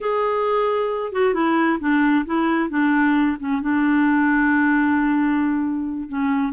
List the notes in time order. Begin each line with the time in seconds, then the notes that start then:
0.01 G#4
1.12 F#4
1.33 E4
1.80 D4
2.25 E4
2.69 D4
3.39 C#4
3.61 D4
6.08 C#4